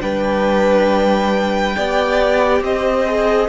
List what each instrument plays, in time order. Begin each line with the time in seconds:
0.00 cello G3, viola D4, violin B4 G5
1.76 cello B3, viola G4, violin D5
2.61 cello C4, violin C5 D#5
3.06 viola G#4